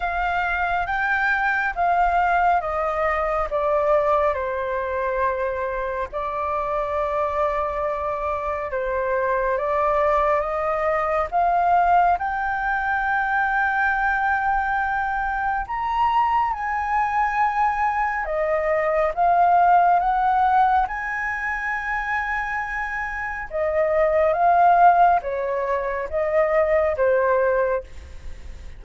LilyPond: \new Staff \with { instrumentName = "flute" } { \time 4/4 \tempo 4 = 69 f''4 g''4 f''4 dis''4 | d''4 c''2 d''4~ | d''2 c''4 d''4 | dis''4 f''4 g''2~ |
g''2 ais''4 gis''4~ | gis''4 dis''4 f''4 fis''4 | gis''2. dis''4 | f''4 cis''4 dis''4 c''4 | }